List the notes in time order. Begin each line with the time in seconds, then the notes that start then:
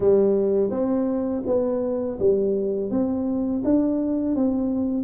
0.00 G3
0.70 C4
1.46 B3
2.19 G3
2.90 C4
3.64 D4
4.35 C4